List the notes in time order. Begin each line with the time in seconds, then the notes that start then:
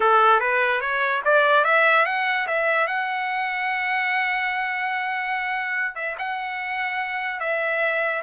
0.00 A4
0.40 B4
0.81 C#5
1.24 D5
1.64 E5
2.05 F#5
2.47 E5
2.87 F#5
5.95 E5
6.18 F#5
7.40 E5